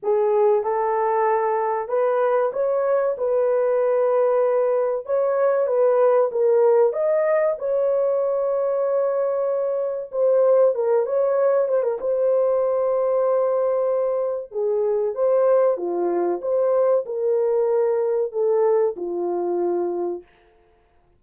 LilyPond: \new Staff \with { instrumentName = "horn" } { \time 4/4 \tempo 4 = 95 gis'4 a'2 b'4 | cis''4 b'2. | cis''4 b'4 ais'4 dis''4 | cis''1 |
c''4 ais'8 cis''4 c''16 ais'16 c''4~ | c''2. gis'4 | c''4 f'4 c''4 ais'4~ | ais'4 a'4 f'2 | }